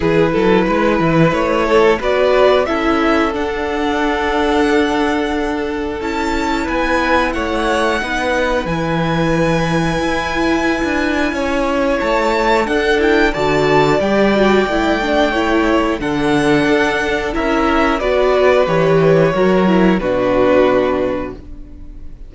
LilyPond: <<
  \new Staff \with { instrumentName = "violin" } { \time 4/4 \tempo 4 = 90 b'2 cis''4 d''4 | e''4 fis''2.~ | fis''4 a''4 gis''4 fis''4~ | fis''4 gis''2.~ |
gis''2 a''4 fis''8 g''8 | a''4 g''2. | fis''2 e''4 d''4 | cis''2 b'2 | }
  \new Staff \with { instrumentName = "violin" } { \time 4/4 gis'8 a'8 b'4. a'8 b'4 | a'1~ | a'2 b'4 cis''4 | b'1~ |
b'4 cis''2 a'4 | d''2. cis''4 | a'2 ais'4 b'4~ | b'4 ais'4 fis'2 | }
  \new Staff \with { instrumentName = "viola" } { \time 4/4 e'2. fis'4 | e'4 d'2.~ | d'4 e'2. | dis'4 e'2.~ |
e'2. d'8 e'8 | fis'4 g'8 fis'8 e'8 d'8 e'4 | d'2 e'4 fis'4 | g'4 fis'8 e'8 d'2 | }
  \new Staff \with { instrumentName = "cello" } { \time 4/4 e8 fis8 gis8 e8 a4 b4 | cis'4 d'2.~ | d'4 cis'4 b4 a4 | b4 e2 e'4~ |
e'16 d'8. cis'4 a4 d'4 | d4 g4 a2 | d4 d'4 cis'4 b4 | e4 fis4 b,2 | }
>>